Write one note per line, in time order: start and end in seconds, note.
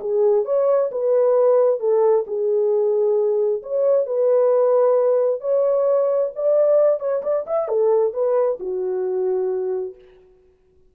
0.00 0.45 G#4
0.45 0.90 C#5
0.91 1.80 B4
1.80 2.25 A4
2.27 3.62 G#4
3.62 4.06 C#5
4.06 5.40 B4
5.40 6.31 C#5
6.35 6.99 D5
6.99 7.22 C#5
7.22 7.45 D5
7.46 7.68 E5
7.68 8.13 A4
8.13 8.58 B4
8.59 9.95 F#4